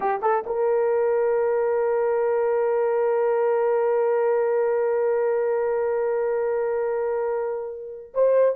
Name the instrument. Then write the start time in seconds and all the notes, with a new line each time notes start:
horn
0.00 G4
0.22 A4
0.46 A#4
8.13 C5